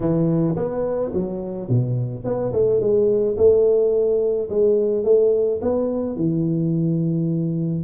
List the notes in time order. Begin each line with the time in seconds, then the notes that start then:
0.00 E3
0.56 B3
1.13 F#3
1.68 B2
2.24 B3
2.52 A3
2.80 G#3
3.37 A3
4.49 G#3
5.04 A3
5.61 B3
6.16 E3